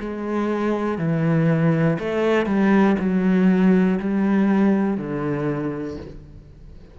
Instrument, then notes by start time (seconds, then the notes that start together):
cello
0.00 G#3
0.99 E3
2.00 A3
2.46 G3
3.00 F#3
4.00 G3
4.98 D3